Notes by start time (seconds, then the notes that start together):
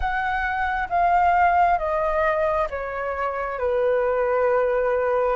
0.00 F#5
0.89 F5
1.78 D#5
2.69 C#5
3.58 B4